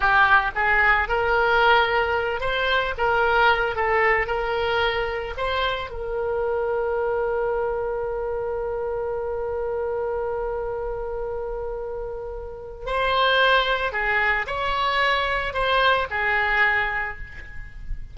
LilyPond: \new Staff \with { instrumentName = "oboe" } { \time 4/4 \tempo 4 = 112 g'4 gis'4 ais'2~ | ais'8 c''4 ais'4. a'4 | ais'2 c''4 ais'4~ | ais'1~ |
ais'1~ | ais'1 | c''2 gis'4 cis''4~ | cis''4 c''4 gis'2 | }